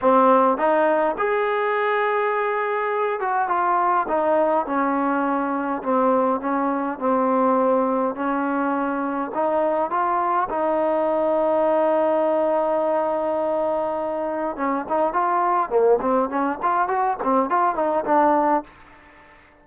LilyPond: \new Staff \with { instrumentName = "trombone" } { \time 4/4 \tempo 4 = 103 c'4 dis'4 gis'2~ | gis'4. fis'8 f'4 dis'4 | cis'2 c'4 cis'4 | c'2 cis'2 |
dis'4 f'4 dis'2~ | dis'1~ | dis'4 cis'8 dis'8 f'4 ais8 c'8 | cis'8 f'8 fis'8 c'8 f'8 dis'8 d'4 | }